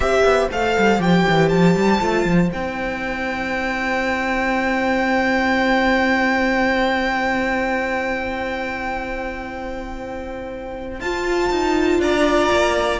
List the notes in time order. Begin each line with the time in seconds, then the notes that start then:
0.00 C4 G4 C5 E5
0.24 B3
0.51 A3 A4 F5
0.78 G3
0.98 F3 G4 G5
1.28 E3
1.48 F3 A5
1.75 G3
2.00 A3 F4
2.25 F3
2.47 E4 G5
2.54 C4
10.99 F4 A5
11.50 D#4
11.98 D4 D5 A#5
12.51 A#3